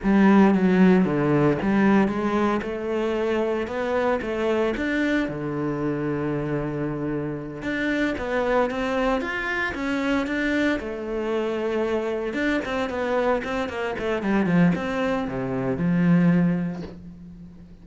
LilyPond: \new Staff \with { instrumentName = "cello" } { \time 4/4 \tempo 4 = 114 g4 fis4 d4 g4 | gis4 a2 b4 | a4 d'4 d2~ | d2~ d8 d'4 b8~ |
b8 c'4 f'4 cis'4 d'8~ | d'8 a2. d'8 | c'8 b4 c'8 ais8 a8 g8 f8 | c'4 c4 f2 | }